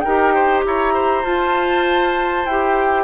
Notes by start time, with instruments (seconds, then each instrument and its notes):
0.00 oboe A#4, flute G5
0.06 bassoon D#4, clarinet G4
0.34 oboe C5
0.65 bassoon E4, oboe C#5, flute A#5
0.93 oboe C5
1.24 bassoon F4, clarinet F4, flute A5
2.45 bassoon E4, clarinet G4, flute G5